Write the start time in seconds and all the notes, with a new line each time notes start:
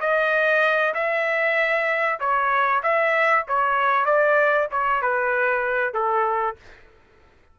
0.00 D#5
0.94 E5
2.20 C#5
2.83 E5
3.48 C#5
4.05 D5
4.71 C#5
5.01 B4
5.93 A4